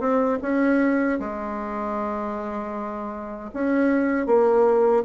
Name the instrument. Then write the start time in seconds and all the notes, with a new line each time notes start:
bassoon
0.00 C4
0.42 C#4
1.20 G#3
3.54 C#4
4.27 A#3